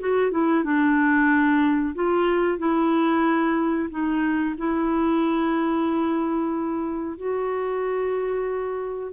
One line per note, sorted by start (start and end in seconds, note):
0.00 0.32 F#4
0.32 0.64 E4
0.64 1.95 D4
1.95 2.59 F4
2.59 3.89 E4
3.90 4.56 D#4
4.58 7.17 E4
7.17 9.13 F#4